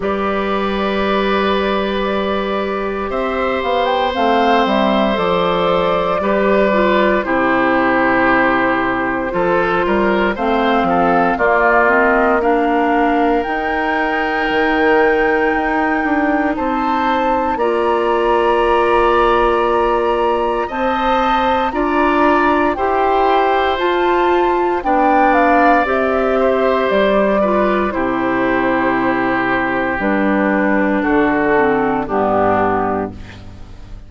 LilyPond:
<<
  \new Staff \with { instrumentName = "flute" } { \time 4/4 \tempo 4 = 58 d''2. e''8 f''16 g''16 | f''8 e''8 d''2 c''4~ | c''2 f''4 d''8 dis''8 | f''4 g''2. |
a''4 ais''2. | a''4 ais''4 g''4 a''4 | g''8 f''8 e''4 d''4 c''4~ | c''4 b'4 a'4 g'4 | }
  \new Staff \with { instrumentName = "oboe" } { \time 4/4 b'2. c''4~ | c''2 b'4 g'4~ | g'4 a'8 ais'8 c''8 a'8 f'4 | ais'1 |
c''4 d''2. | dis''4 d''4 c''2 | d''4. c''4 b'8 g'4~ | g'2 fis'4 d'4 | }
  \new Staff \with { instrumentName = "clarinet" } { \time 4/4 g'1 | c'4 a'4 g'8 f'8 e'4~ | e'4 f'4 c'4 ais8 c'8 | d'4 dis'2.~ |
dis'4 f'2. | c''4 f'4 g'4 f'4 | d'4 g'4. f'8 e'4~ | e'4 d'4. c'8 b4 | }
  \new Staff \with { instrumentName = "bassoon" } { \time 4/4 g2. c'8 b8 | a8 g8 f4 g4 c4~ | c4 f8 g8 a8 f8 ais4~ | ais4 dis'4 dis4 dis'8 d'8 |
c'4 ais2. | c'4 d'4 e'4 f'4 | b4 c'4 g4 c4~ | c4 g4 d4 g,4 | }
>>